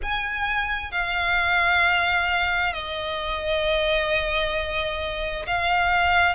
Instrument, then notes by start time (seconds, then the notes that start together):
violin
0.02 G#5
0.91 F5
2.73 D#5
5.47 F5